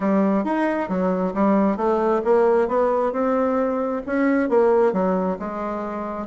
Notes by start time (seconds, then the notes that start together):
0.00 G3
0.44 D#4
0.88 F#3
1.34 G3
1.77 A3
2.24 A#3
2.67 B3
3.12 C4
4.06 C#4
4.49 A#3
4.93 F#3
5.39 G#3